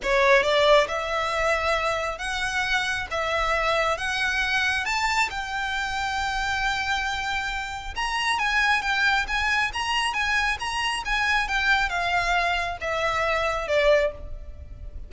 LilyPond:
\new Staff \with { instrumentName = "violin" } { \time 4/4 \tempo 4 = 136 cis''4 d''4 e''2~ | e''4 fis''2 e''4~ | e''4 fis''2 a''4 | g''1~ |
g''2 ais''4 gis''4 | g''4 gis''4 ais''4 gis''4 | ais''4 gis''4 g''4 f''4~ | f''4 e''2 d''4 | }